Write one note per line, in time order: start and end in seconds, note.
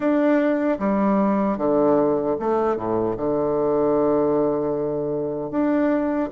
0.00 0.78 D4
0.79 1.57 G3
1.57 2.36 D3
2.39 2.76 A3
2.76 3.15 A2
3.17 5.50 D3
5.50 6.29 D4